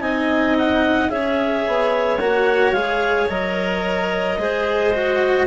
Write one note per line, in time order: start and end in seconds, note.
0.00 1.09 C4
0.00 1.09 D#4
0.00 1.10 D#5
0.00 0.55 G#5
0.58 1.09 F#5
1.09 1.65 C#4
1.09 2.18 G#4
1.09 4.38 C#5
1.09 2.18 E5
1.67 2.20 B3
2.19 2.72 A#3
2.19 2.75 F#4
2.19 2.72 F#5
2.72 3.27 G#3
2.72 3.28 G#4
2.72 3.27 F5
3.28 4.38 F#3
3.28 4.37 A#4
3.28 5.47 D#5
4.38 5.47 G#3
4.38 4.93 G#4
4.38 5.47 C5
4.93 5.47 F#4